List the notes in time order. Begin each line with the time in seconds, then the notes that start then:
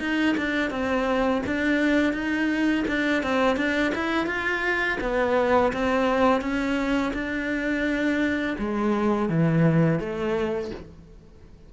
0.00 D#4
0.37 D4
0.71 C4
1.47 D4
2.14 D#4
2.88 D4
3.23 C4
3.57 D4
3.95 E4
4.27 F4
5.01 B3
5.73 C4
6.42 C#4
7.14 D4
8.59 G#3
9.30 E3
10.00 A3